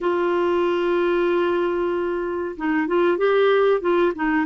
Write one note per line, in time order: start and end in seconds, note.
0.00 2.56 F4
2.56 2.87 D#4
2.87 3.17 F4
3.17 3.80 G4
3.80 4.12 F4
4.15 4.45 D#4